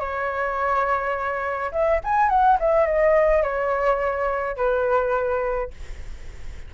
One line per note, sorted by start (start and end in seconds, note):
0.00 1.71 C#5
1.72 2.01 E5
2.04 2.30 G#5
2.30 2.58 F#5
2.60 2.86 E5
2.86 3.43 D#5
3.43 4.57 C#5
4.57 5.71 B4